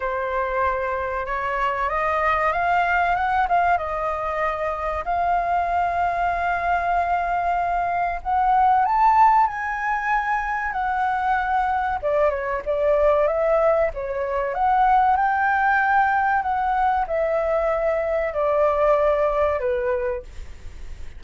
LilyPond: \new Staff \with { instrumentName = "flute" } { \time 4/4 \tempo 4 = 95 c''2 cis''4 dis''4 | f''4 fis''8 f''8 dis''2 | f''1~ | f''4 fis''4 a''4 gis''4~ |
gis''4 fis''2 d''8 cis''8 | d''4 e''4 cis''4 fis''4 | g''2 fis''4 e''4~ | e''4 d''2 b'4 | }